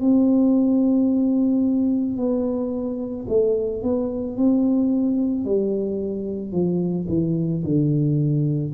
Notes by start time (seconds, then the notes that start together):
0.00 C4
2.17 B3
3.28 A3
3.82 B3
4.36 C4
5.44 G3
6.52 F3
7.08 E3
7.64 D3